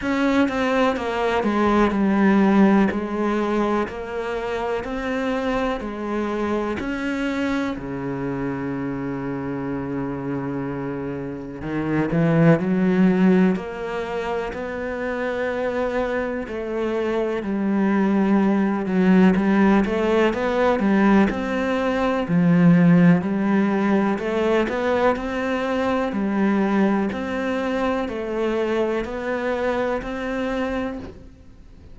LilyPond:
\new Staff \with { instrumentName = "cello" } { \time 4/4 \tempo 4 = 62 cis'8 c'8 ais8 gis8 g4 gis4 | ais4 c'4 gis4 cis'4 | cis1 | dis8 e8 fis4 ais4 b4~ |
b4 a4 g4. fis8 | g8 a8 b8 g8 c'4 f4 | g4 a8 b8 c'4 g4 | c'4 a4 b4 c'4 | }